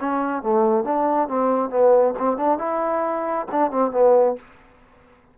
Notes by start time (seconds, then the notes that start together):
0.00 C#4
0.42 A3
0.84 D4
1.28 C4
1.69 B3
2.18 C4
2.37 D4
2.58 E4
3.51 D4
3.71 C4
3.91 B3